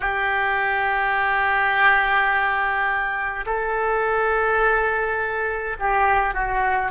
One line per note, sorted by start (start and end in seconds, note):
0.00 3.45 G4
3.46 5.76 A4
5.79 6.34 G4
6.34 6.91 F#4